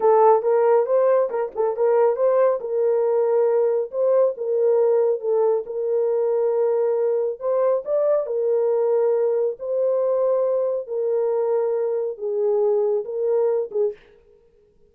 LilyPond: \new Staff \with { instrumentName = "horn" } { \time 4/4 \tempo 4 = 138 a'4 ais'4 c''4 ais'8 a'8 | ais'4 c''4 ais'2~ | ais'4 c''4 ais'2 | a'4 ais'2.~ |
ais'4 c''4 d''4 ais'4~ | ais'2 c''2~ | c''4 ais'2. | gis'2 ais'4. gis'8 | }